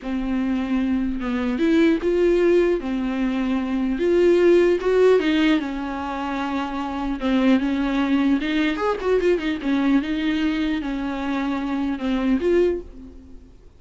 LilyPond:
\new Staff \with { instrumentName = "viola" } { \time 4/4 \tempo 4 = 150 c'2. b4 | e'4 f'2 c'4~ | c'2 f'2 | fis'4 dis'4 cis'2~ |
cis'2 c'4 cis'4~ | cis'4 dis'4 gis'8 fis'8 f'8 dis'8 | cis'4 dis'2 cis'4~ | cis'2 c'4 f'4 | }